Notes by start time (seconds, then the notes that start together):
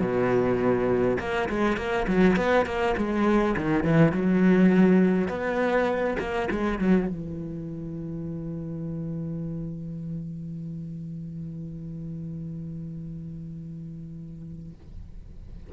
0.00 B2
1.19 A#3
1.48 G#3
1.76 A#3
2.07 F#3
2.36 B3
2.66 A#3
2.97 G#3
3.56 D#3
3.83 E3
4.11 F#3
5.28 B3
6.19 A#3
6.51 G#3
6.78 F#3
7.08 E3